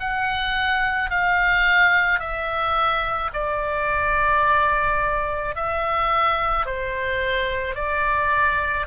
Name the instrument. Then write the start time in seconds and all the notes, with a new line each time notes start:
oboe
0.00 F#5
1.10 F5
2.20 E5
3.33 D5
5.56 E5
6.66 C5
7.75 D5